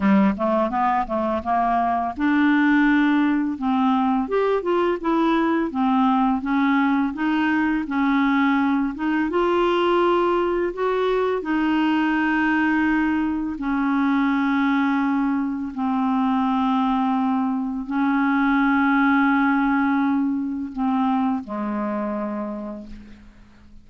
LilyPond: \new Staff \with { instrumentName = "clarinet" } { \time 4/4 \tempo 4 = 84 g8 a8 b8 a8 ais4 d'4~ | d'4 c'4 g'8 f'8 e'4 | c'4 cis'4 dis'4 cis'4~ | cis'8 dis'8 f'2 fis'4 |
dis'2. cis'4~ | cis'2 c'2~ | c'4 cis'2.~ | cis'4 c'4 gis2 | }